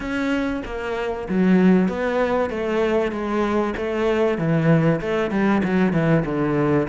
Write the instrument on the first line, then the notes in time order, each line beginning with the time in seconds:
cello
0.00 C#4
0.65 A#3
1.28 F#3
1.88 B3
2.50 A3
3.11 G#3
3.76 A3
4.38 E3
5.00 A3
5.30 G3
5.63 F#3
5.92 E3
6.25 D3